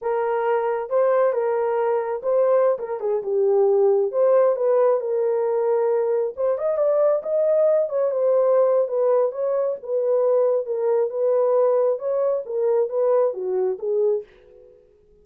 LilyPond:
\new Staff \with { instrumentName = "horn" } { \time 4/4 \tempo 4 = 135 ais'2 c''4 ais'4~ | ais'4 c''4~ c''16 ais'8 gis'8 g'8.~ | g'4~ g'16 c''4 b'4 ais'8.~ | ais'2~ ais'16 c''8 dis''8 d''8.~ |
d''16 dis''4. cis''8 c''4.~ c''16 | b'4 cis''4 b'2 | ais'4 b'2 cis''4 | ais'4 b'4 fis'4 gis'4 | }